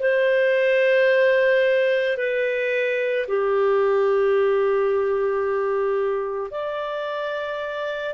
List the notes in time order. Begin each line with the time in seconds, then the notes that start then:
0.00 C5
2.17 B4
3.28 G4
6.51 D5